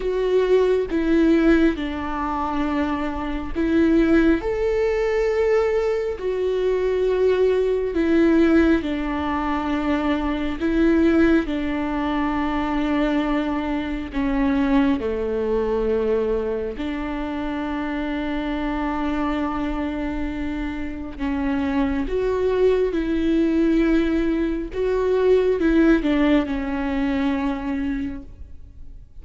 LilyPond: \new Staff \with { instrumentName = "viola" } { \time 4/4 \tempo 4 = 68 fis'4 e'4 d'2 | e'4 a'2 fis'4~ | fis'4 e'4 d'2 | e'4 d'2. |
cis'4 a2 d'4~ | d'1 | cis'4 fis'4 e'2 | fis'4 e'8 d'8 cis'2 | }